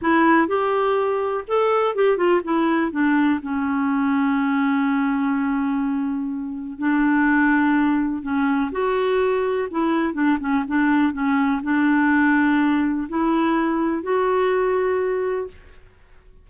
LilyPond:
\new Staff \with { instrumentName = "clarinet" } { \time 4/4 \tempo 4 = 124 e'4 g'2 a'4 | g'8 f'8 e'4 d'4 cis'4~ | cis'1~ | cis'2 d'2~ |
d'4 cis'4 fis'2 | e'4 d'8 cis'8 d'4 cis'4 | d'2. e'4~ | e'4 fis'2. | }